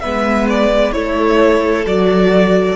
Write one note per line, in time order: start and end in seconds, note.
0.00 0.94 G#3
0.00 0.93 B3
0.00 0.94 B4
0.00 0.46 E5
0.49 0.92 D5
0.92 1.85 A3
0.92 1.85 E4
0.92 2.76 A4
0.92 1.84 C#5
1.85 2.76 F#3
1.85 2.76 F#4
1.85 2.76 D5